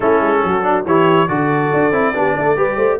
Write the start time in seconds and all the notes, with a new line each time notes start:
0.00 A3 C#4 E4 A4
0.20 G#3
0.43 F#3 F#4
0.62 D4
0.85 E3 E4 G4 C#5
1.27 D3 F#4 A4 D5
1.73 D4
1.91 C4 E4
2.13 B3 D4 G4
2.36 A3 A4
2.56 G3 G4 B4
2.76 A3 C5